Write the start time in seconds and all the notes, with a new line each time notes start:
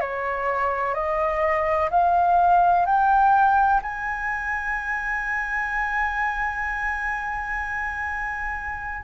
0.00 C#5
0.94 D#5
1.90 F5
2.86 G5
3.82 G#5